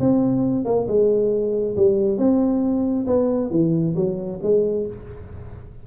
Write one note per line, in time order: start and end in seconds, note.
0.00 0.65 C4
0.65 0.87 A#3
0.88 1.76 G#3
1.76 2.18 G3
2.18 3.06 C4
3.07 3.51 B3
3.51 3.95 E3
3.96 4.40 F#3
4.43 4.87 G#3